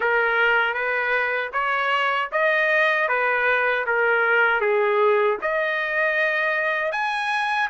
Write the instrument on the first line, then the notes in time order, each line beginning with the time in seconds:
trumpet
0.00 A#4
0.73 B4
1.52 C#5
2.31 D#5
3.08 B4
3.86 A#4
4.60 G#4
5.41 D#5
6.92 G#5